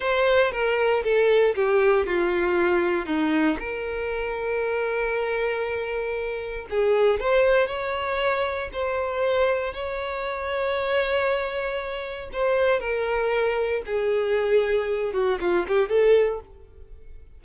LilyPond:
\new Staff \with { instrumentName = "violin" } { \time 4/4 \tempo 4 = 117 c''4 ais'4 a'4 g'4 | f'2 dis'4 ais'4~ | ais'1~ | ais'4 gis'4 c''4 cis''4~ |
cis''4 c''2 cis''4~ | cis''1 | c''4 ais'2 gis'4~ | gis'4. fis'8 f'8 g'8 a'4 | }